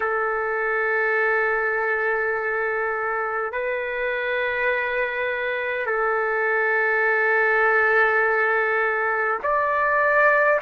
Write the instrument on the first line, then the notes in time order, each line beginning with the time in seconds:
trumpet
0.00 A4
3.51 B4
5.86 A4
9.42 D5